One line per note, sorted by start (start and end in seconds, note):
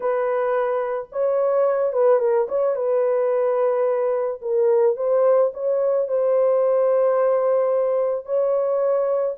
0.00 1.08 B4
1.12 1.92 C#5
1.92 2.19 B4
2.19 2.47 A#4
2.48 2.75 C#5
2.75 4.40 B4
4.41 4.96 A#4
4.96 5.51 C5
5.53 6.08 C#5
6.08 8.25 C5
8.25 9.35 C#5